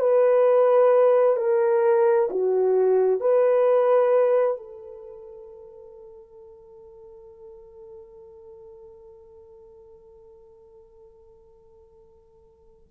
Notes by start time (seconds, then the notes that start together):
0.00 B4
1.37 A#4
2.30 F#4
3.21 B4
4.58 A4